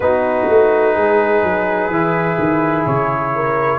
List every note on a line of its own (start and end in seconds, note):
0.00 0.47 B3
0.00 1.91 D#4
0.00 0.94 F#4
0.00 2.85 B4
0.48 0.95 A3
0.94 1.43 G#3
0.94 3.32 G#4
1.43 1.89 F#3
1.89 2.37 E3
1.89 3.79 E4
2.38 2.86 D#3
2.86 3.79 C#3
2.86 3.79 C#5
3.34 3.79 A#4